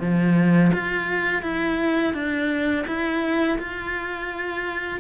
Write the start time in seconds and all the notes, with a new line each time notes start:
0.00 F3
0.73 F4
1.42 E4
2.14 D4
2.87 E4
3.59 F4